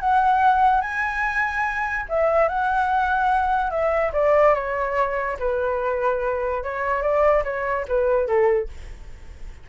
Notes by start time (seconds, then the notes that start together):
0.00 F#5
0.82 G#5
2.09 E5
2.49 F#5
3.71 E5
4.13 D5
4.55 C#5
5.39 B4
6.63 C#5
7.02 D5
7.44 C#5
7.88 B4
8.27 A4